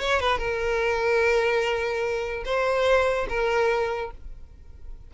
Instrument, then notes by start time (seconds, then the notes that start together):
violin
0.00 C#5
0.21 B4
0.38 A#4
2.45 C5
3.29 A#4